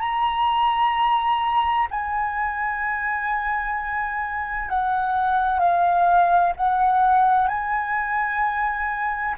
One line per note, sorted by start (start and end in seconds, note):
0.00 1.87 A#5
1.91 4.70 G#5
4.70 5.60 F#5
5.60 6.53 F5
6.57 7.48 F#5
7.48 9.35 G#5